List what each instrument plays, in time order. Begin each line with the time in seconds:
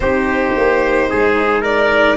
0.00 tuba C4, cello D#4, trumpet G4, violin C5
0.56 tuba A#3
1.10 tuba G#3, trumpet G#4
1.61 trumpet A#4, violin D5